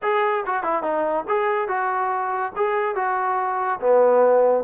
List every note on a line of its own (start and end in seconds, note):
0.02 0.44 G#4
0.46 0.63 F#4
0.63 0.82 E4
0.82 1.25 D#4
1.28 1.68 G#4
1.68 2.52 F#4
2.56 2.95 G#4
2.95 3.79 F#4
3.80 4.64 B3